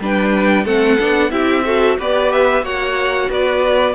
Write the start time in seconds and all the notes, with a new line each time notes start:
0.00 G3 D4 B4 G5
0.65 A3 C4 A4 F#5
0.99 B3 D4
1.31 C4 E4 G4 E5
1.65 F#4 A4
1.99 B3 G4 B4 D5
2.32 E5
2.62 A#3 F#4 C#5 F#5
3.29 B3 B4 D5